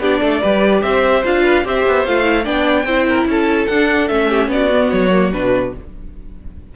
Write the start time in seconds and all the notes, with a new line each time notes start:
0.00 B3 D4 G4 D5
0.20 A3 A4
0.41 G3 G4 B4
0.82 C4 C5 E5
1.24 D4 F4 F5
1.43 B4
1.64 C4 G4 C5 E5
1.86 B3
2.06 A3 F4 F5
2.23 E4
2.44 B3 D4 D5 G5
2.85 C4 E4 C5
3.07 A#4
3.26 C#4 A4 A5
3.67 D4 F#5
3.73 D4
4.08 A3 C#4 E5
4.28 G4
4.48 B3 F#4 D5
4.71 B3
4.90 F#3 C#5
5.11 A#3
5.32 B2 D4 B4